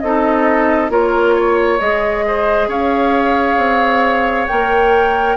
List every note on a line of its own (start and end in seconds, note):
0.00 0.90 C4
0.00 0.90 D#4
0.00 0.91 A4
0.00 0.90 D#5
0.90 1.79 A#3
0.90 1.79 F4
0.90 1.35 A#4
0.90 1.79 C#5
1.35 2.24 C#5
1.79 2.67 G#3
1.79 4.49 G#4
1.79 2.69 D#5
2.27 2.68 C5
2.67 3.57 C#4
2.67 5.36 C#5
2.67 4.47 F5
3.57 4.46 C4
4.47 5.36 A#3
4.47 5.36 A#4
4.47 5.36 G5